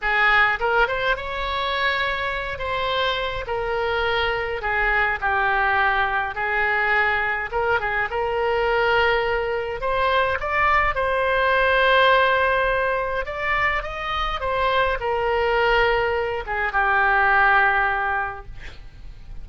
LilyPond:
\new Staff \with { instrumentName = "oboe" } { \time 4/4 \tempo 4 = 104 gis'4 ais'8 c''8 cis''2~ | cis''8 c''4. ais'2 | gis'4 g'2 gis'4~ | gis'4 ais'8 gis'8 ais'2~ |
ais'4 c''4 d''4 c''4~ | c''2. d''4 | dis''4 c''4 ais'2~ | ais'8 gis'8 g'2. | }